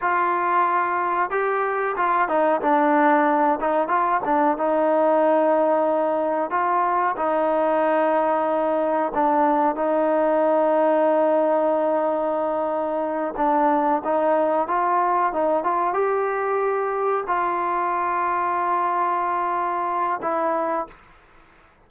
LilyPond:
\new Staff \with { instrumentName = "trombone" } { \time 4/4 \tempo 4 = 92 f'2 g'4 f'8 dis'8 | d'4. dis'8 f'8 d'8 dis'4~ | dis'2 f'4 dis'4~ | dis'2 d'4 dis'4~ |
dis'1~ | dis'8 d'4 dis'4 f'4 dis'8 | f'8 g'2 f'4.~ | f'2. e'4 | }